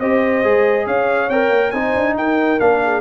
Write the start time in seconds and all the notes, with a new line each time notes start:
0.00 C4 G4 C5 D#5
0.44 G#3 G#4
0.86 C#4 C#5 F5
1.29 C4 A#4 G5
1.50 A#3
1.71 C4 D#4 C5 G#5
1.95 D4
2.16 D#4 A#4 G5
2.60 A#3 D4 F5
2.83 G#4